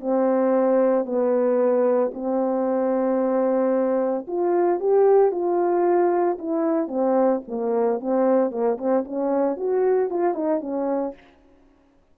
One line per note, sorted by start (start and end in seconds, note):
0.00 1.05 C4
1.05 2.11 B3
2.14 4.26 C4
4.27 4.80 F4
4.80 5.31 G4
5.31 6.38 F4
6.39 6.88 E4
6.88 7.41 C4
7.48 8.00 A#3
8.00 8.51 C4
8.51 8.78 A#3
8.78 9.04 C4
9.05 9.57 C#4
9.57 10.10 F#4
10.10 10.34 F4
10.34 10.61 D#4
10.61 11.14 C#4